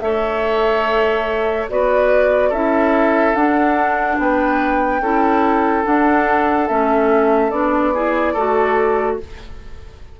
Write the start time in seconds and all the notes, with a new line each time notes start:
0.00 A3 A4 C#5 E5
1.69 B3 F#4 B4 D5
2.49 C#4 E4 A4 E5
3.35 D4 F#5
4.18 B3 B4 G5
5.00 C#4 E4 A4
5.84 D4 F#5
6.68 A3 C#4 E5
7.50 B3 D4 D5
7.93 E4 G#4
8.33 A3 F#4 A4